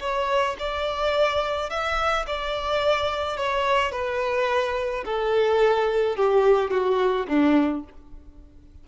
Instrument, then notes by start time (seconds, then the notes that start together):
violin
0.00 C#5
0.59 D5
1.70 E5
2.26 D5
3.37 C#5
3.92 B4
5.05 A4
6.16 G4
6.70 F#4
7.27 D4